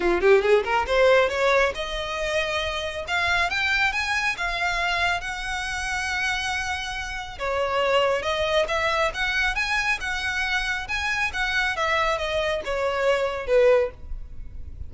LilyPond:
\new Staff \with { instrumentName = "violin" } { \time 4/4 \tempo 4 = 138 f'8 g'8 gis'8 ais'8 c''4 cis''4 | dis''2. f''4 | g''4 gis''4 f''2 | fis''1~ |
fis''4 cis''2 dis''4 | e''4 fis''4 gis''4 fis''4~ | fis''4 gis''4 fis''4 e''4 | dis''4 cis''2 b'4 | }